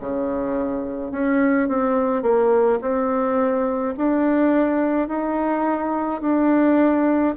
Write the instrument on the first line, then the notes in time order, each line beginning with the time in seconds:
bassoon
0.00 C#3
1.12 C#4
1.69 C4
2.23 A#3
2.81 C4
3.98 D4
5.08 D#4
6.22 D4